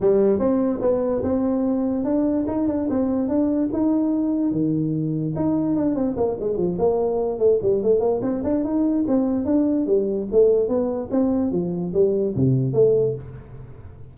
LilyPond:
\new Staff \with { instrumentName = "tuba" } { \time 4/4 \tempo 4 = 146 g4 c'4 b4 c'4~ | c'4 d'4 dis'8 d'8 c'4 | d'4 dis'2 dis4~ | dis4 dis'4 d'8 c'8 ais8 gis8 |
f8 ais4. a8 g8 a8 ais8 | c'8 d'8 dis'4 c'4 d'4 | g4 a4 b4 c'4 | f4 g4 c4 a4 | }